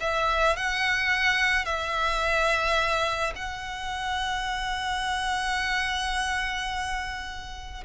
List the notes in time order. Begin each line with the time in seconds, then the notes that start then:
0.00 E5
0.56 F#5
1.65 E5
3.35 F#5